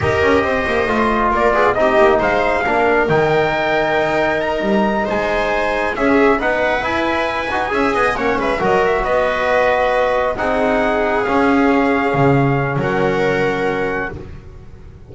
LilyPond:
<<
  \new Staff \with { instrumentName = "trumpet" } { \time 4/4 \tempo 4 = 136 dis''2. d''4 | dis''4 f''2 g''4~ | g''2 ais''4. gis''8~ | gis''4. e''4 fis''4 gis''8~ |
gis''2~ gis''8 fis''8 e''8 dis''8 | e''8 dis''2. fis''8~ | fis''4. f''2~ f''8~ | f''4 fis''2. | }
  \new Staff \with { instrumentName = "viola" } { \time 4/4 ais'4 c''2 ais'8 gis'8 | g'4 c''4 ais'2~ | ais'2.~ ais'8 c''8~ | c''4. gis'4 b'4.~ |
b'4. e''8 dis''8 cis''8 b'8 ais'8~ | ais'8 b'2. gis'8~ | gis'1~ | gis'4 ais'2. | }
  \new Staff \with { instrumentName = "trombone" } { \time 4/4 g'2 f'2 | dis'2 d'4 dis'4~ | dis'1~ | dis'4. cis'4 dis'4 e'8~ |
e'4 fis'8 gis'4 cis'4 fis'8~ | fis'2.~ fis'8 dis'8~ | dis'4. cis'2~ cis'8~ | cis'1 | }
  \new Staff \with { instrumentName = "double bass" } { \time 4/4 dis'8 cis'8 c'8 ais8 a4 ais8 b8 | c'8 ais8 gis4 ais4 dis4~ | dis4 dis'4. g4 gis8~ | gis4. cis'4 b4 e'8~ |
e'4 dis'8 cis'8 b8 ais8 gis8 fis8~ | fis8 b2. c'8~ | c'4. cis'2 cis8~ | cis4 fis2. | }
>>